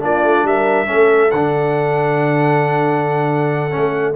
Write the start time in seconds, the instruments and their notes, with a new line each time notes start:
0.00 tuba A#3, trombone D4, horn F4, trumpet D5
0.23 tuba A3
0.44 tuba G3, horn A#4, trumpet E5
0.86 trombone C#4, horn A4
0.92 tuba A3
1.31 tuba D3, trombone D4, trumpet F#5
3.71 trombone C#4
3.77 tuba A3